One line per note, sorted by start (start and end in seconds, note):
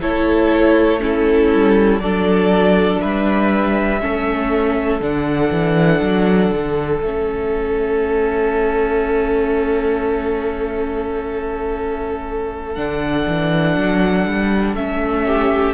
0.00 1.53 A3
0.00 1.00 E4
0.00 1.00 A4
0.00 1.01 C#5
1.00 2.00 C#4
1.00 2.02 E4
1.00 2.00 A4
1.53 1.99 G3
1.99 2.99 F#3
1.99 4.00 D4
1.99 3.01 A4
1.99 3.00 D5
3.00 4.04 G3
3.00 4.01 B4
3.00 5.00 E5
4.00 5.00 A3
4.00 5.00 C#4
4.00 15.26 A4
5.00 5.50 D3
5.00 7.01 D4
5.00 7.01 F#5
5.51 6.01 E3
6.01 6.51 F#3
6.52 7.02 D3
7.01 12.76 A3
7.01 12.76 C#4
7.01 12.75 E5
12.75 13.26 D3
12.75 14.76 D4
12.75 14.75 F#5
13.27 13.76 E3
13.76 14.26 F#3
14.26 14.75 G3
14.75 15.74 A3
14.75 15.74 C#4
14.75 15.74 E5
15.26 15.74 G4